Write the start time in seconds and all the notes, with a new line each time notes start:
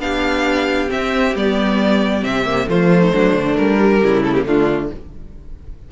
0.00 B3 D4 G4 F5
0.89 C4 E5
1.35 G3 B3 D5
2.22 C3 C4 E5
2.46 A#3
2.67 F3 A3 F4 C5
3.02 D#4
3.12 F#3 D4
3.34 D3
3.56 G3 A#4
3.80 G3
4.02 C#3 E4
4.24 A3 A4
4.34 A#3 G4
4.45 D3 A3 D4 F4